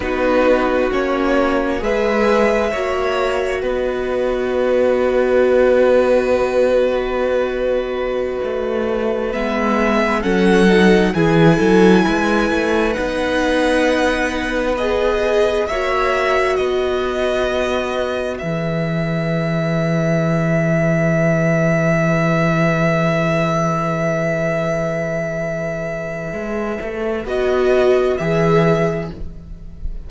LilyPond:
<<
  \new Staff \with { instrumentName = "violin" } { \time 4/4 \tempo 4 = 66 b'4 cis''4 e''2 | dis''1~ | dis''2~ dis''16 e''4 fis''8.~ | fis''16 gis''2 fis''4.~ fis''16~ |
fis''16 dis''4 e''4 dis''4.~ dis''16~ | dis''16 e''2.~ e''8.~ | e''1~ | e''2 dis''4 e''4 | }
  \new Staff \with { instrumentName = "violin" } { \time 4/4 fis'2 b'4 cis''4 | b'1~ | b'2.~ b'16 a'8.~ | a'16 gis'8 a'8 b'2~ b'8.~ |
b'4~ b'16 cis''4 b'4.~ b'16~ | b'1~ | b'1~ | b'1 | }
  \new Staff \with { instrumentName = "viola" } { \time 4/4 dis'4 cis'4 gis'4 fis'4~ | fis'1~ | fis'2~ fis'16 b4 cis'8 dis'16~ | dis'16 e'2 dis'4.~ dis'16~ |
dis'16 gis'4 fis'2~ fis'8.~ | fis'16 gis'2.~ gis'8.~ | gis'1~ | gis'2 fis'4 gis'4 | }
  \new Staff \with { instrumentName = "cello" } { \time 4/4 b4 ais4 gis4 ais4 | b1~ | b4~ b16 a4 gis4 fis8.~ | fis16 e8 fis8 gis8 a8 b4.~ b16~ |
b4~ b16 ais4 b4.~ b16~ | b16 e2.~ e8.~ | e1~ | e4 gis8 a8 b4 e4 | }
>>